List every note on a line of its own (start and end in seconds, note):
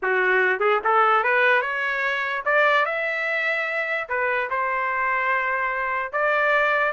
0.02 0.59 F#4
0.59 0.80 G#4
0.84 1.23 A4
1.23 1.61 B4
1.61 2.43 C#5
2.45 2.85 D5
2.85 4.08 E5
4.08 4.49 B4
4.50 6.12 C5
6.12 6.92 D5